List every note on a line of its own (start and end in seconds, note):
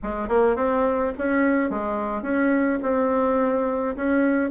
0.03 0.28 G#3
0.28 0.56 A#3
0.56 1.12 C4
1.17 1.70 C#4
1.70 2.22 G#3
2.22 2.79 C#4
2.82 3.95 C4
3.96 4.50 C#4